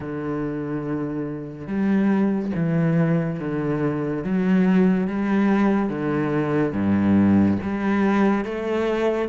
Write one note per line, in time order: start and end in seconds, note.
0.00 1.67 D3
1.67 2.51 G3
2.55 3.39 E3
3.39 4.24 D3
4.24 5.07 F#3
5.07 5.89 G3
5.89 6.73 D3
6.73 7.57 G2
7.62 8.44 G3
8.44 9.28 A3